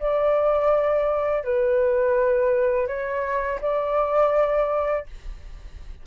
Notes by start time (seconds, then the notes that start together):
0.00 D5
1.44 B4
2.88 C#5
3.62 D5